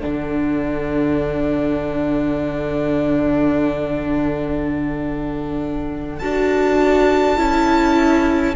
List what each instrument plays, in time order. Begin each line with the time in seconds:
0.00 cello D3, viola D4, violin A4 F#5
6.19 cello D4, viola F#4, violin A5
7.38 cello C#4, viola E4